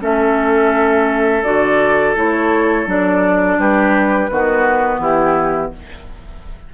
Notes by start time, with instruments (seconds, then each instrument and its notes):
0.00 bassoon A3, clarinet C#4, oboe A4, flute E5
1.43 bassoon D3, clarinet F#4, flute D5
2.15 bassoon A3, clarinet E4, flute C#5
2.86 bassoon F#3, clarinet D4, flute D5
3.58 bassoon G3, oboe G4, flute B4
4.31 bassoon D#3, clarinet B3, oboe F#4
4.99 bassoon E3, oboe E4, flute G4